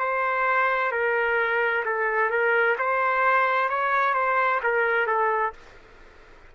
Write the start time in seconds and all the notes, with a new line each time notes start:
0.00 C5
0.92 A#4
1.85 A4
2.31 A#4
2.79 C5
3.70 C#5
4.15 C5
4.64 A#4
5.07 A4